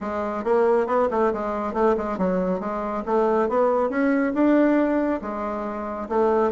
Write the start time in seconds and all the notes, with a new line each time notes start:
0.01 G#3
0.43 A#3
0.86 B3
1.11 A3
1.33 G#3
1.73 A3
1.97 G#3
2.18 F#3
2.60 G#3
3.05 A3
3.48 B3
3.89 C#4
4.34 D4
5.21 G#3
6.08 A3